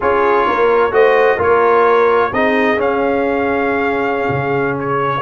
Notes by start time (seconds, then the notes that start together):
0.00 C#4 F4 G#4 C#5
0.46 A#3 A#4
0.91 A3 F#4 C5 D#5
1.37 A#3 F4 A#4 C#5
2.33 C4 D#4 G#4 D#5
2.76 C#4 F5
4.28 C#3
4.79 C#5